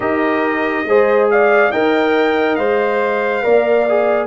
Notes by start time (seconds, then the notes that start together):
0.00 D#4 G4 A#4 D#5
0.85 G#3 G#4 C5
1.30 D5 F5
1.71 D#4 A#4 D#5 G5
2.55 G#3 C5 F5
3.42 A#3 A#4 D5
3.88 G#4